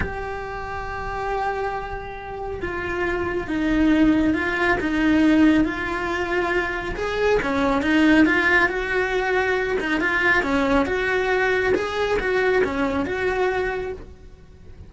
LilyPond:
\new Staff \with { instrumentName = "cello" } { \time 4/4 \tempo 4 = 138 g'1~ | g'2 f'2 | dis'2 f'4 dis'4~ | dis'4 f'2. |
gis'4 cis'4 dis'4 f'4 | fis'2~ fis'8 dis'8 f'4 | cis'4 fis'2 gis'4 | fis'4 cis'4 fis'2 | }